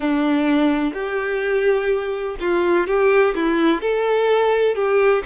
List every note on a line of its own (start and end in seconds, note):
0.00 0.93 D4
0.93 2.36 G4
2.40 2.87 F4
2.87 3.34 G4
3.34 3.81 E4
3.81 4.75 A4
4.75 5.23 G4